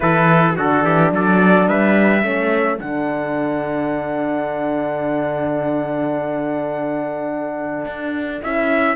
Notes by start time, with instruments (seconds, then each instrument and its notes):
0.00 cello E3, horn E4, trumpet A4 B4
0.56 cello D3, horn D4, trumpet F#4 A4
0.83 cello E3, trumpet G4
1.11 cello F#3, trumpet A4 D5
1.67 cello G3, trumpet B4 E5
2.22 cello A3, horn C#4, trumpet A4
2.79 cello D3, horn D4, trumpet F#5
7.85 cello D4
8.41 cello C#4, horn E4, trumpet E5